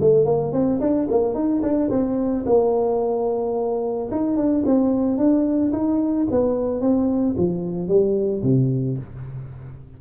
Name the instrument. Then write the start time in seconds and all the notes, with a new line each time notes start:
tuba
0.00 A3
0.25 A#3
0.52 C4
0.80 D4
1.10 A#3
1.34 D#4
1.62 D4
1.90 C4
2.45 A#3
4.11 D#4
4.36 D4
4.65 C4
5.17 D4
5.72 D#4
6.30 B3
6.80 C4
7.37 F3
7.87 G3
8.42 C3